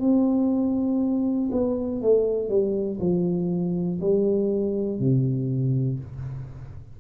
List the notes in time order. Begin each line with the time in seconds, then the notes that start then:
0.00 C4
1.52 B3
2.02 A3
2.49 G3
3.00 F3
4.01 G3
4.99 C3